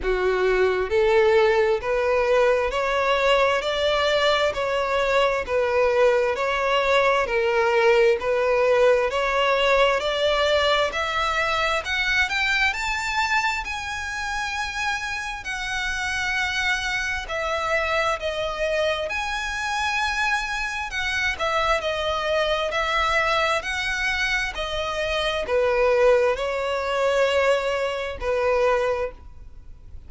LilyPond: \new Staff \with { instrumentName = "violin" } { \time 4/4 \tempo 4 = 66 fis'4 a'4 b'4 cis''4 | d''4 cis''4 b'4 cis''4 | ais'4 b'4 cis''4 d''4 | e''4 fis''8 g''8 a''4 gis''4~ |
gis''4 fis''2 e''4 | dis''4 gis''2 fis''8 e''8 | dis''4 e''4 fis''4 dis''4 | b'4 cis''2 b'4 | }